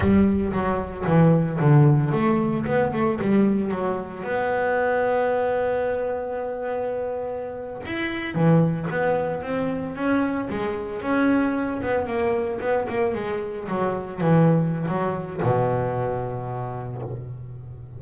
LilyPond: \new Staff \with { instrumentName = "double bass" } { \time 4/4 \tempo 4 = 113 g4 fis4 e4 d4 | a4 b8 a8 g4 fis4 | b1~ | b2~ b8. e'4 e16~ |
e8. b4 c'4 cis'4 gis16~ | gis8. cis'4. b8 ais4 b16~ | b16 ais8 gis4 fis4 e4~ e16 | fis4 b,2. | }